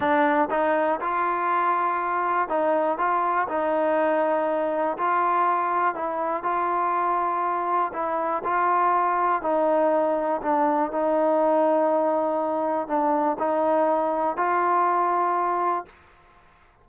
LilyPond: \new Staff \with { instrumentName = "trombone" } { \time 4/4 \tempo 4 = 121 d'4 dis'4 f'2~ | f'4 dis'4 f'4 dis'4~ | dis'2 f'2 | e'4 f'2. |
e'4 f'2 dis'4~ | dis'4 d'4 dis'2~ | dis'2 d'4 dis'4~ | dis'4 f'2. | }